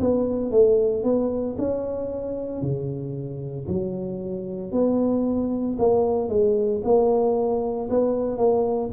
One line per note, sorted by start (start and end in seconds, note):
0.00 0.51 B3
0.51 1.03 A3
1.03 1.56 B3
1.58 2.62 C#4
2.62 3.67 C#3
3.67 4.72 F#3
4.72 5.77 B3
5.78 6.29 A#3
6.29 6.81 G#3
6.84 7.89 A#3
7.89 8.37 B3
8.37 8.90 A#3